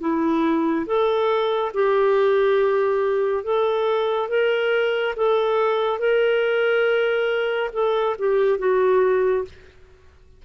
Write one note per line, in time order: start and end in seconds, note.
0.00 0.86 E4
0.86 1.72 A4
1.73 3.44 G4
3.44 4.29 A4
4.29 5.14 A#4
5.16 5.99 A4
5.99 7.70 A#4
7.73 8.16 A4
8.19 8.58 G4
8.58 9.44 F#4